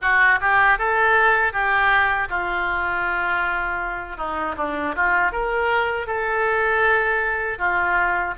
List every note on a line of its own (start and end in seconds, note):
0.01 0.39 F#4
0.40 0.78 G4
0.78 1.52 A4
1.52 2.28 G4
2.29 4.17 F4
4.17 4.55 D#4
4.57 4.95 D4
4.95 5.32 F4
5.32 6.07 A#4
6.07 7.58 A4
7.58 8.34 F4